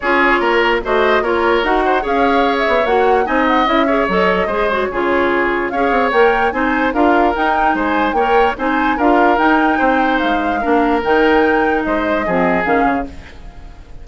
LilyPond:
<<
  \new Staff \with { instrumentName = "flute" } { \time 4/4 \tempo 4 = 147 cis''2 dis''4 cis''4 | fis''4 f''4~ f''16 e''8. fis''4 | gis''8 fis''8 e''4 dis''4. cis''8~ | cis''2 f''4 g''4 |
gis''4 f''4 g''4 gis''4 | g''4 gis''4 f''4 g''4~ | g''4 f''2 g''4~ | g''4 dis''2 f''4 | }
  \new Staff \with { instrumentName = "oboe" } { \time 4/4 gis'4 ais'4 c''4 ais'4~ | ais'8 c''8 cis''2. | dis''4. cis''4. c''4 | gis'2 cis''2 |
c''4 ais'2 c''4 | cis''4 c''4 ais'2 | c''2 ais'2~ | ais'4 c''4 gis'2 | }
  \new Staff \with { instrumentName = "clarinet" } { \time 4/4 f'2 fis'4 f'4 | fis'4 gis'2 fis'4 | dis'4 e'8 gis'8 a'4 gis'8 fis'8 | f'2 gis'4 ais'4 |
dis'4 f'4 dis'2 | ais'4 dis'4 f'4 dis'4~ | dis'2 d'4 dis'4~ | dis'2 c'4 cis'4 | }
  \new Staff \with { instrumentName = "bassoon" } { \time 4/4 cis'4 ais4 a4 ais4 | dis'4 cis'4. b8 ais4 | c'4 cis'4 fis4 gis4 | cis2 cis'8 c'8 ais4 |
c'4 d'4 dis'4 gis4 | ais4 c'4 d'4 dis'4 | c'4 gis4 ais4 dis4~ | dis4 gis4 f4 dis8 cis8 | }
>>